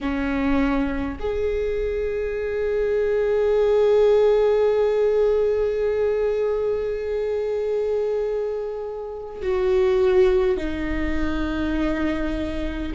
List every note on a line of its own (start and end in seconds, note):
0.00 1.18 C#4
1.19 9.41 G#4
9.41 10.57 F#4
10.57 12.92 D#4